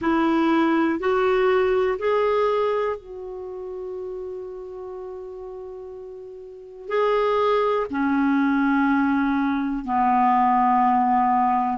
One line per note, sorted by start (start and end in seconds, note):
0.01 0.99 E4
0.99 1.98 F#4
1.99 2.96 G#4
2.96 6.88 F#4
6.88 7.86 G#4
7.90 9.85 C#4
9.85 11.78 B3